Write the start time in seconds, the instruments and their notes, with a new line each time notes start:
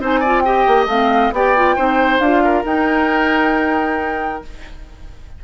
0.00 bassoon C4, clarinet D#4, oboe C5, flute G#5
0.20 clarinet F4, oboe D5
0.40 clarinet G4, oboe D#5, flute G5
0.67 bassoon A#3
0.86 bassoon A3, clarinet C4, flute F5
1.32 bassoon B3, clarinet G4, oboe D5, flute G5
1.56 clarinet F4
1.76 bassoon C4, clarinet D#4, oboe C5
2.19 bassoon D4, clarinet F4, flute F5
2.44 oboe A#4
2.64 bassoon D#4, clarinet D#4, flute G5